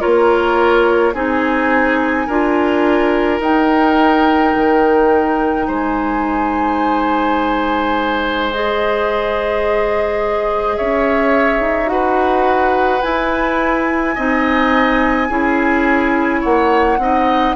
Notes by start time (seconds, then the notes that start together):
0.00 A#3 F4 A#4 C#5
1.14 C4 D#4 G#4 G#5
2.27 D4 F4 A#4
3.40 D#4 G5
4.56 D#3
5.68 G#3 C5 G#5
8.53 G#4 D#5
10.77 C#4 C#5 E5
11.60 D#4
11.87 F#4 B4 F#5
13.03 E4 G#5
14.15 C4 D#4 D#5
15.29 C#4 E4 G#4
16.41 A#3 C#5 F#5
16.98 C4 D#4 D#5